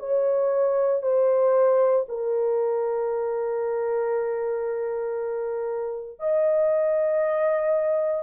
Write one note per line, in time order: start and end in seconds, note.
0.00 1.03 C#5
1.03 2.06 C5
2.09 6.20 A#4
6.20 8.23 D#5